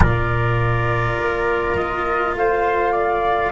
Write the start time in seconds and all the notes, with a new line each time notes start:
0.00 A#2 F4 A#4 D5
1.17 A#3
1.75 D#5
2.35 A3 C5 F5
2.91 D5